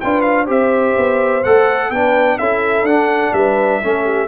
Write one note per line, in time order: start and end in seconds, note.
0.00 0.48 D4
0.00 0.46 F4
0.00 0.45 B4
0.00 0.21 G5
0.21 0.45 F5
0.45 0.96 C4
0.45 1.41 G4
0.45 1.88 C5
0.45 1.43 E5
0.97 1.44 B3
1.43 1.90 A3
1.43 1.93 A4
1.43 1.91 F#5
1.90 2.37 B3
1.90 2.39 D4
1.90 2.37 B4
1.90 2.38 G5
2.38 2.82 C#4
2.38 2.87 E4
2.38 3.33 A4
2.38 2.86 E5
2.82 3.30 D4
2.82 3.82 D4
2.82 3.33 F#5
3.33 3.80 G3
3.33 3.81 B4
3.33 4.27 E5
3.82 4.27 A3
3.82 4.27 C#4
3.82 4.04 A4
4.04 4.27 G4